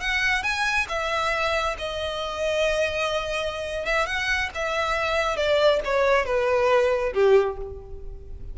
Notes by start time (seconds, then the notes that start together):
0.00 F#5
0.43 G#5
0.89 E5
1.78 D#5
3.85 E5
4.06 F#5
4.54 E5
5.36 D5
5.84 C#5
6.25 B4
7.13 G4